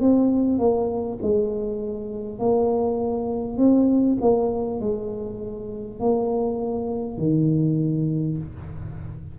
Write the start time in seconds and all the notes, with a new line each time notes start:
0.00 C4
0.59 A#3
1.22 G#3
2.39 A#3
3.57 C4
4.21 A#3
4.80 G#3
6.00 A#3
7.18 D#3